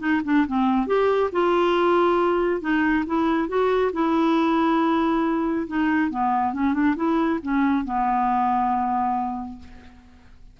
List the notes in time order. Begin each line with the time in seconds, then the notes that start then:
0.00 D#4
0.25 D4
0.47 C4
0.87 G4
1.32 F4
2.61 D#4
3.07 E4
3.49 F#4
3.93 E4
5.68 D#4
6.11 B3
6.54 C#4
6.74 D4
6.96 E4
7.43 C#4
7.85 B3